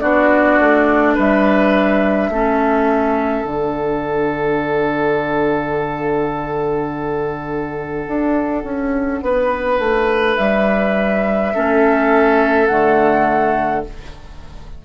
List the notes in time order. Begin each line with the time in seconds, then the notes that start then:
0.00 B3 D4 F#4 D5
0.59 A3
1.14 G3 B4 E5
2.29 A3 C#4 A4
3.44 D3 D4 F#5
8.07 D4
8.63 C#4
9.22 B3 B4
9.79 A3
10.36 G3 E5
11.54 A3 C#4 A4
12.67 D3 A3 F#5